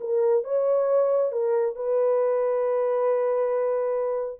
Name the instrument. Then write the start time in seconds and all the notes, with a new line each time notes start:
horn
0.00 A#4
0.44 C#5
1.32 A#4
1.75 B4